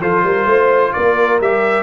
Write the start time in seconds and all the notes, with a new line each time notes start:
0.00 F3 F4 A4 C5
0.23 G3 A#4
0.45 A3 C5
0.92 A#3 A#4 D5
1.40 G3 G4 E5